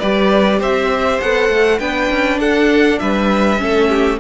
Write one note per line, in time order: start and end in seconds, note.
0.00 0.60 G3
0.00 1.22 G4
0.00 0.60 B4
0.00 0.60 D5
0.60 1.21 C4
0.60 1.80 C5
0.60 1.21 E5
1.21 1.50 B3
1.21 1.80 A4
1.21 1.80 F#5
1.50 1.80 A3
1.80 2.10 B3
1.80 3.59 D4
1.80 2.41 B4
1.80 2.40 G5
2.11 2.39 C#4
2.39 2.99 D4
2.39 3.01 A4
2.39 2.99 F#5
2.99 3.62 G3
2.99 3.61 B4
2.99 4.19 E5
3.59 4.20 A3
3.59 4.19 C#4
3.59 3.90 A4
3.90 4.20 G4